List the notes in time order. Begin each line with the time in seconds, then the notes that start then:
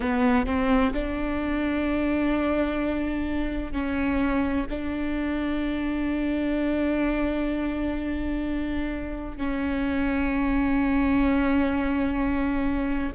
0.00 B3
0.46 C4
0.93 D4
3.72 C#4
4.69 D4
9.37 C#4